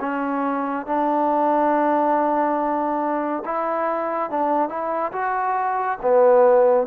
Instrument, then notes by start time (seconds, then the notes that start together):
trombone
0.00 C#4
0.86 D4
3.45 E4
4.30 D4
4.69 E4
5.12 F#4
6.02 B3